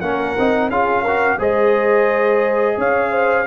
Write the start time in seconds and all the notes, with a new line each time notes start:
0.00 A#3 C#4 A#4 F#5
0.38 C4 D#4
0.69 C#4 F4 G#4 F5
1.02 F#4 A#4
1.38 G#3 G#4 C5 D#5
2.77 C#4 C#5 F5
3.11 C5